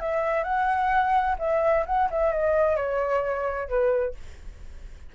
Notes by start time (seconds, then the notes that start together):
0.00 E5
0.44 F#5
1.39 E5
1.86 F#5
2.10 E5
2.32 D#5
2.76 C#5
3.68 B4